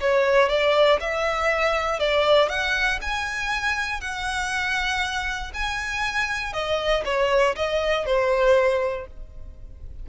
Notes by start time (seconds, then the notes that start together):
0.00 C#5
0.49 D5
1.00 E5
1.99 D5
2.49 F#5
3.01 G#5
4.00 F#5
5.53 G#5
6.53 D#5
7.05 C#5
7.55 D#5
8.05 C5